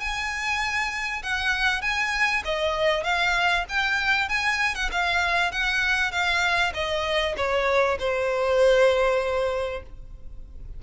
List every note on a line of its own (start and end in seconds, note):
0.00 1.22 G#5
1.23 1.81 F#5
1.81 2.43 G#5
2.45 3.03 D#5
3.03 3.65 F5
3.69 4.29 G5
4.29 4.75 G#5
4.75 4.90 F#5
4.91 5.52 F5
5.52 6.11 F#5
6.11 6.73 F5
6.74 7.35 D#5
7.37 7.98 C#5
7.99 9.83 C5